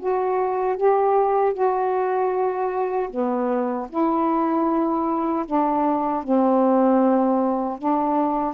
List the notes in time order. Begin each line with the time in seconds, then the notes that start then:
0.00 F#4
0.77 G4
1.54 F#4
3.10 B3
3.90 E4
5.46 D4
6.24 C4
7.79 D4